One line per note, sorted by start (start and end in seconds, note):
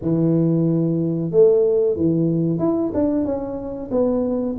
0.01 1.31 E3
1.31 1.96 A3
1.96 2.58 E3
2.58 2.91 E4
2.93 3.24 D4
3.24 3.90 C#4
3.91 4.56 B3